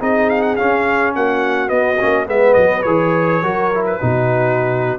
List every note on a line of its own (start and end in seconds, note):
0.00 0.58 C4
0.00 0.57 D#4
0.00 1.14 G#4
0.00 0.30 D#5
0.30 0.42 F5
0.42 0.56 F#5
0.56 1.68 C#4
0.56 1.16 C#4
0.56 1.13 F5
1.15 1.71 A#3
1.15 2.29 F#4
1.15 1.69 F#5
1.68 1.96 B3
1.68 1.99 B3
1.68 2.26 D#5
2.00 2.27 A#3
2.00 2.26 C#4
2.26 2.56 G#3
2.26 2.83 B3
2.26 3.43 B4
2.26 2.54 E5
2.54 2.85 F#3
2.54 2.82 D#5
2.83 3.42 E3
2.83 3.43 G#4
2.83 3.83 C#5
3.43 4.00 F#3
3.43 3.71 F#4
3.43 3.99 A#4
3.74 4.00 E4
3.86 4.99 B4
3.99 4.99 B2
3.99 4.99 D#4
3.99 4.99 F#4